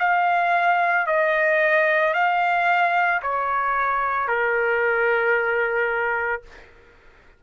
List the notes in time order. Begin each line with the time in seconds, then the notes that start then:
0.00 F5
1.07 D#5
2.14 F5
3.22 C#5
4.28 A#4